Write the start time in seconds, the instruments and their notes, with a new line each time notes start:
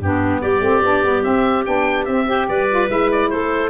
0.00 tuba G2, saxophone B3, clarinet D4, oboe G4
0.41 tuba G3, clarinet G4, oboe D5
0.61 tuba A3, saxophone C4
0.83 tuba B3, saxophone D4
1.03 tuba G3, saxophone B3
1.23 saxophone C4, tuba C4, oboe E5
1.65 tuba B3, saxophone D4, oboe G5
2.05 tuba C4, saxophone C4, oboe E5
2.27 saxophone G4, clarinet C5
2.48 tuba G3, clarinet B4, oboe D5
2.70 saxophone F4
2.87 tuba G#3, saxophone E4, oboe E5
3.12 oboe D5
3.30 tuba A3, clarinet A4, oboe C5